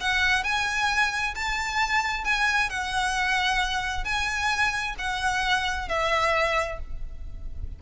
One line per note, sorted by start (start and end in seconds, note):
0.00 0.43 F#5
0.43 1.34 G#5
1.35 2.24 A5
2.24 2.69 G#5
2.69 4.04 F#5
4.04 4.95 G#5
4.98 5.88 F#5
5.88 6.79 E5